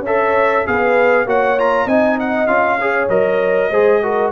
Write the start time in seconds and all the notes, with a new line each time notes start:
0.00 C#4 C#5 E5
0.06 A4
0.66 B3 G#4 B4 F5
1.26 A#3 F#4 C#5 F#5
1.58 F4 A#5
1.85 C4 D#4 D#5 G#5
2.19 F#5
2.47 C#4 F4 F5
2.80 G#4 C#5
3.09 F#3 A#4 D#5
3.70 G#3 G#4 C5
4.03 F#4 A#4